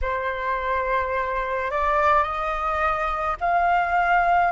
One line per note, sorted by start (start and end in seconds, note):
0.01 1.70 C5
1.70 2.23 D5
2.23 3.36 D#5
3.40 4.51 F5